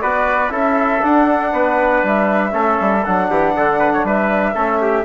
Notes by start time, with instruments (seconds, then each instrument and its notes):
0.00 bassoon B3, trombone F#4, trumpet B4, flute D5
0.49 bassoon C#4, trombone E4, trumpet A4, flute E5
1.01 trombone D4, bassoon D4, flute F#5
1.52 bassoon B3, trumpet B4
2.03 bassoon G3, flute E5
2.51 bassoon A3, trombone C#4, trumpet A4
2.80 bassoon G3
3.04 bassoon F#3, trombone D4, flute F#5
3.29 bassoon E3, trumpet G4
3.55 bassoon D3, trumpet A4
3.79 trumpet B4
3.93 trumpet C#5
4.03 bassoon G3, trumpet B4, flute E5
4.54 bassoon A3, trombone C#4, trumpet A4
4.81 trumpet G4